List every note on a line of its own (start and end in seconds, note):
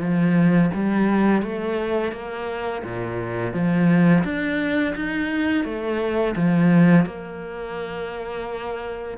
0.00 0.71 F3
0.74 1.42 G3
1.42 2.12 A3
2.12 2.83 A#3
2.84 3.53 A#2
3.53 4.24 F3
4.24 4.95 D4
4.95 5.64 D#4
5.64 6.35 A3
6.36 7.06 F3
7.06 9.18 A#3